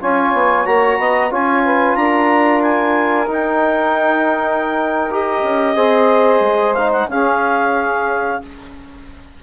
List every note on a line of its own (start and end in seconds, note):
0.00 0.34 C#4
0.00 0.66 F4
0.00 0.99 C#5
0.00 0.66 G#5
0.34 0.66 B3
0.66 0.98 A#3
0.66 1.31 F#4
0.66 1.32 A#5
0.98 1.31 B3
0.98 1.30 D#5
1.30 1.96 C#4
1.30 3.28 F4
1.30 1.63 C#5
1.30 1.96 G#5
1.65 1.98 B4
1.96 3.28 D4
1.96 5.77 A#4
1.96 2.62 A#5
2.62 3.28 G#5
3.28 5.09 D#4
3.28 5.43 D#4
3.28 5.12 G5
5.11 5.77 G4
5.11 6.74 D#5
5.43 5.76 C#4
5.76 6.41 C4
5.76 6.75 G#4
5.76 7.08 C5
6.41 7.06 G#3
6.74 7.11 D#4
6.74 6.91 F5
6.92 7.09 F#5
7.08 8.40 C#4
7.08 8.43 C#4
7.08 8.43 G#4
7.08 8.42 F5